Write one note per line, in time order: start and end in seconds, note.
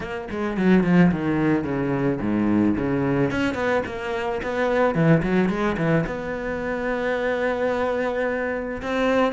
0.00 0.28 A#3
0.30 0.57 G#3
0.57 0.83 F#3
0.83 1.11 F3
1.11 1.64 D#3
1.64 2.19 C#3
2.20 2.75 G#2
2.77 3.30 C#3
3.30 3.54 C#4
3.54 3.82 B3
3.86 4.41 A#3
4.42 4.94 B3
4.94 5.22 E3
5.22 5.49 F#3
5.49 5.76 G#3
5.77 6.05 E3
6.06 8.81 B3
8.81 9.32 C4